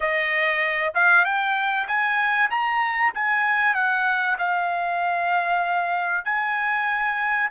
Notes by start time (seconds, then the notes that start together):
0.00 D#5
0.94 F5
1.24 G5
1.87 G#5
2.50 A#5
3.14 G#5
3.74 F#5
4.38 F5
6.24 G#5